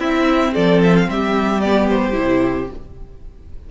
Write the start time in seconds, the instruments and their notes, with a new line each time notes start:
0.00 cello C4, viola C4, violin E4 E5
0.54 cello F3, violin A4 D5
0.84 violin E5
0.97 violin F5
1.08 cello G3, violin G4 E5
1.61 viola B3, violin D5
1.90 violin C5
2.13 cello C3, viola E4